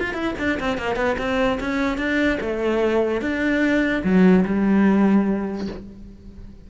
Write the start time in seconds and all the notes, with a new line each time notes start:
0.00 F4
0.14 E4
0.39 D4
0.60 C4
0.78 A#3
0.96 B3
1.18 C4
1.60 C#4
1.98 D4
2.40 A3
3.22 D4
4.04 F#3
4.45 G3